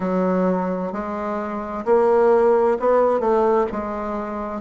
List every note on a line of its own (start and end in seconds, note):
0.00 0.92 F#3
0.92 1.85 G#3
1.85 2.77 A#3
2.79 3.19 B3
3.19 3.65 A3
3.72 4.61 G#3